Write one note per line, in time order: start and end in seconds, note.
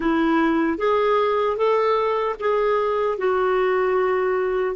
0.00 0.78 E4
0.78 1.56 G#4
1.56 2.35 A4
2.39 3.18 G#4
3.18 4.75 F#4